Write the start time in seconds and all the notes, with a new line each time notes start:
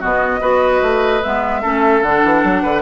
0.00 B2 B3 F#4 D#5
0.41 B3 F#4 B4
0.82 A3
1.23 G#3 B3 E5
1.62 A3 C#4 A4
2.02 D3 D4 F#5
2.24 E3
2.44 F#3
2.62 D3 B4